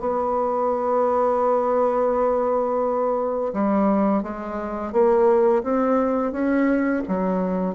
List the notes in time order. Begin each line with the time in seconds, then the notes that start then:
0.00 B3
3.53 G3
4.23 G#3
4.93 A#3
5.63 C4
6.32 C#4
7.08 F#3